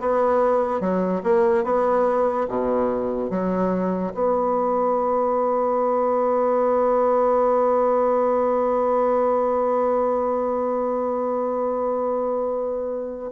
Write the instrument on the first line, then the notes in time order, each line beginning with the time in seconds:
bassoon
0.00 B3
0.80 F#3
1.23 A#3
1.64 B3
2.48 B2
3.30 F#3
4.14 B3